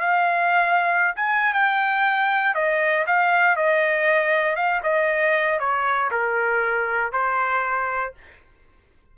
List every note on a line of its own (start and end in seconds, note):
0.00 1.14 F5
1.16 1.53 G#5
1.53 2.54 G5
2.54 3.05 D#5
3.06 3.56 F5
3.56 4.55 D#5
4.55 4.81 F5
4.83 5.59 D#5
5.59 6.10 C#5
6.11 7.12 A#4
7.12 8.14 C5